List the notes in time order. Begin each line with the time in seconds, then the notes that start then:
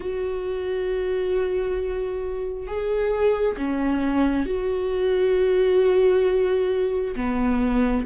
0.00 F#4
2.67 G#4
3.57 C#4
4.46 F#4
7.15 B3